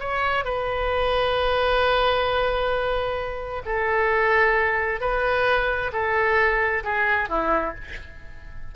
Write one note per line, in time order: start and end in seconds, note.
0.00 0.45 C#5
0.45 3.63 B4
3.66 5.01 A4
5.01 5.92 B4
5.93 6.83 A4
6.84 7.29 G#4
7.29 7.75 E4